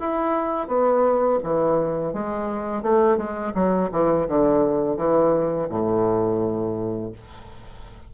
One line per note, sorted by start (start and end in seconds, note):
0.00 0.68 E4
0.68 1.40 B3
1.44 2.14 E3
2.14 2.83 G#3
2.83 3.18 A3
3.18 3.54 G#3
3.55 3.91 F#3
3.92 4.28 E3
4.29 4.97 D3
4.97 5.69 E3
5.70 7.13 A2